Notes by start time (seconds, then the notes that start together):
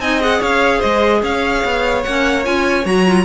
0.00 C4 D#4 D#5 G#5
0.21 G#4 F#5
0.40 C#4 C#5 F5
0.78 G#3 C5 D#5
1.23 C#4 C#5 F5
1.65 B3
2.03 A#3 C#4 F#5
2.44 C#4 F4 G#5
2.84 F#3 F#4 A#5
3.06 F4